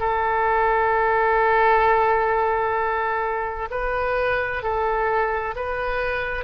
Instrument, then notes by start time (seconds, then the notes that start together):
oboe
0.00 A4
3.70 B4
4.63 A4
5.56 B4